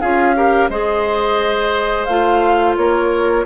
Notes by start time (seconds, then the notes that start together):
0.00 C#4 F4 G#4 F5
0.35 G4 A#4
0.69 G#3 G#4 C5 D#5
2.05 A3 F4 F5
2.77 A#3 A#4 C#5